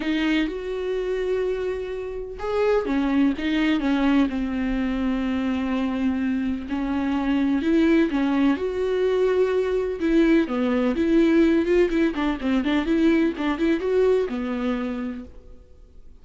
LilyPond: \new Staff \with { instrumentName = "viola" } { \time 4/4 \tempo 4 = 126 dis'4 fis'2.~ | fis'4 gis'4 cis'4 dis'4 | cis'4 c'2.~ | c'2 cis'2 |
e'4 cis'4 fis'2~ | fis'4 e'4 b4 e'4~ | e'8 f'8 e'8 d'8 c'8 d'8 e'4 | d'8 e'8 fis'4 b2 | }